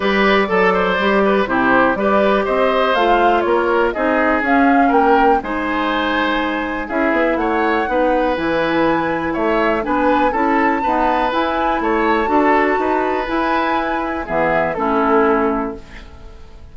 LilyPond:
<<
  \new Staff \with { instrumentName = "flute" } { \time 4/4 \tempo 4 = 122 d''2. c''4 | d''4 dis''4 f''4 cis''4 | dis''4 f''4 g''4 gis''4~ | gis''2 e''4 fis''4~ |
fis''4 gis''2 e''4 | gis''4 a''2 gis''4 | a''2. gis''4~ | gis''4 e''4 a'2 | }
  \new Staff \with { instrumentName = "oboe" } { \time 4/4 b'4 a'8 c''4 b'8 g'4 | b'4 c''2 ais'4 | gis'2 ais'4 c''4~ | c''2 gis'4 cis''4 |
b'2. cis''4 | b'4 a'4 b'2 | cis''4 a'4 b'2~ | b'4 gis'4 e'2 | }
  \new Staff \with { instrumentName = "clarinet" } { \time 4/4 g'4 a'4 g'4 e'4 | g'2 f'2 | dis'4 cis'2 dis'4~ | dis'2 e'2 |
dis'4 e'2. | d'4 e'4 b4 e'4~ | e'4 fis'2 e'4~ | e'4 b4 cis'2 | }
  \new Staff \with { instrumentName = "bassoon" } { \time 4/4 g4 fis4 g4 c4 | g4 c'4 a4 ais4 | c'4 cis'4 ais4 gis4~ | gis2 cis'8 b8 a4 |
b4 e2 a4 | b4 cis'4 dis'4 e'4 | a4 d'4 dis'4 e'4~ | e'4 e4 a2 | }
>>